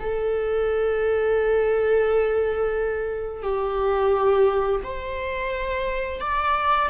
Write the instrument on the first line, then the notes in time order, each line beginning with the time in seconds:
viola
0.00 A4
3.43 G4
4.84 C5
6.21 D5